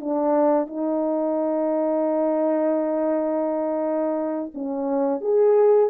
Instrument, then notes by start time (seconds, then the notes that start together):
horn
0.00 D4
0.67 D#4
4.54 C#4
5.21 G#4